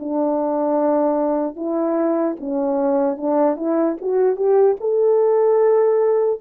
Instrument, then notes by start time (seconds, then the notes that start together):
horn
0.00 D4
1.56 E4
2.40 C#4
3.17 D4
3.57 E4
4.01 F#4
4.36 G4
4.81 A4